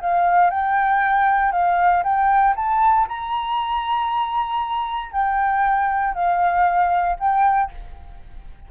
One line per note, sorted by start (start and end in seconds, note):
0.00 0.50 F5
0.50 1.51 G5
1.51 2.03 F5
2.03 2.54 G5
2.55 3.07 A5
3.08 5.11 A#5
5.11 6.14 G5
6.14 7.16 F5
7.19 7.71 G5